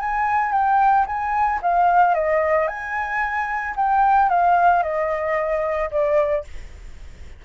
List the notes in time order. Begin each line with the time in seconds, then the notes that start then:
0.00 G#5
0.53 G5
1.07 G#5
1.62 F5
2.15 D#5
2.68 G#5
3.77 G5
4.30 F5
4.83 D#5
5.91 D5